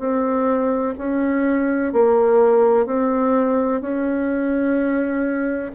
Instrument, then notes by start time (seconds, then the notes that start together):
bassoon
0.00 C4
0.98 C#4
1.93 A#3
2.87 C4
3.82 C#4